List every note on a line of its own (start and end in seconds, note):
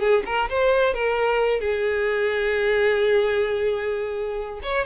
0.00 0.23 G#4
0.26 0.49 A#4
0.50 0.94 C5
0.94 1.60 A#4
1.60 4.60 G#4
4.63 4.86 C#5